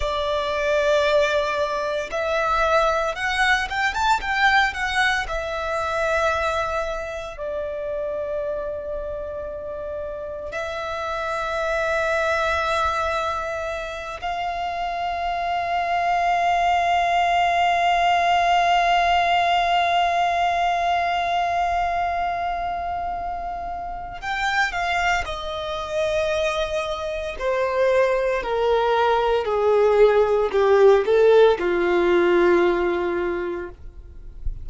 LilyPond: \new Staff \with { instrumentName = "violin" } { \time 4/4 \tempo 4 = 57 d''2 e''4 fis''8 g''16 a''16 | g''8 fis''8 e''2 d''4~ | d''2 e''2~ | e''4. f''2~ f''8~ |
f''1~ | f''2. g''8 f''8 | dis''2 c''4 ais'4 | gis'4 g'8 a'8 f'2 | }